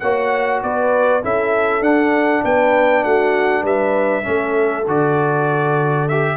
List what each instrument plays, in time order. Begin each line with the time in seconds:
0.00 tuba A#3, trombone F#4, horn C#5, trumpet F#5
0.63 tuba B3, horn B4, trumpet D5
1.22 tuba C#4, trombone E4, horn A4, trumpet E5
1.81 tuba D4, trombone D4, trumpet F#5
2.44 tuba B3, horn B4, trumpet G5
3.04 tuba A3, horn F#4, trumpet F#5
3.62 tuba G3, horn B4, trumpet E5
4.23 tuba A3, trombone C#4, horn A4
4.87 tuba D3, trombone F#4, trumpet D5
6.09 trombone G4, trumpet E5